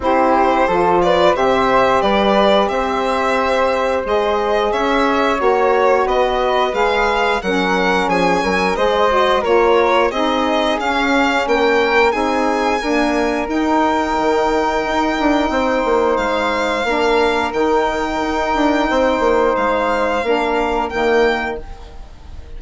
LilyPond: <<
  \new Staff \with { instrumentName = "violin" } { \time 4/4 \tempo 4 = 89 c''4. d''8 e''4 d''4 | e''2 dis''4 e''4 | cis''4 dis''4 f''4 fis''4 | gis''4 dis''4 cis''4 dis''4 |
f''4 g''4 gis''2 | g''1 | f''2 g''2~ | g''4 f''2 g''4 | }
  \new Staff \with { instrumentName = "flute" } { \time 4/4 g'4 a'8 b'8 c''4 b'4 | c''2. cis''4~ | cis''4 b'2 ais'4 | gis'8 ais'8 c''4 ais'4 gis'4~ |
gis'4 ais'4 gis'4 ais'4~ | ais'2. c''4~ | c''4 ais'2. | c''2 ais'2 | }
  \new Staff \with { instrumentName = "saxophone" } { \time 4/4 e'4 f'4 g'2~ | g'2 gis'2 | fis'2 gis'4 cis'4~ | cis'4 gis'8 fis'8 f'4 dis'4 |
cis'2 dis'4 ais4 | dis'1~ | dis'4 d'4 dis'2~ | dis'2 d'4 ais4 | }
  \new Staff \with { instrumentName = "bassoon" } { \time 4/4 c'4 f4 c4 g4 | c'2 gis4 cis'4 | ais4 b4 gis4 fis4 | f8 fis8 gis4 ais4 c'4 |
cis'4 ais4 c'4 d'4 | dis'4 dis4 dis'8 d'8 c'8 ais8 | gis4 ais4 dis4 dis'8 d'8 | c'8 ais8 gis4 ais4 dis4 | }
>>